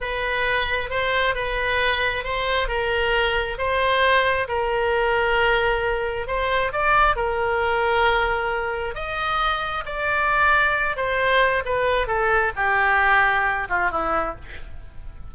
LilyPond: \new Staff \with { instrumentName = "oboe" } { \time 4/4 \tempo 4 = 134 b'2 c''4 b'4~ | b'4 c''4 ais'2 | c''2 ais'2~ | ais'2 c''4 d''4 |
ais'1 | dis''2 d''2~ | d''8 c''4. b'4 a'4 | g'2~ g'8 f'8 e'4 | }